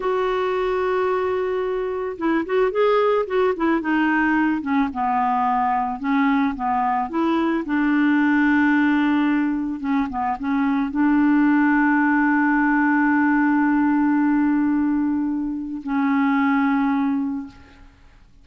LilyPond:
\new Staff \with { instrumentName = "clarinet" } { \time 4/4 \tempo 4 = 110 fis'1 | e'8 fis'8 gis'4 fis'8 e'8 dis'4~ | dis'8 cis'8 b2 cis'4 | b4 e'4 d'2~ |
d'2 cis'8 b8 cis'4 | d'1~ | d'1~ | d'4 cis'2. | }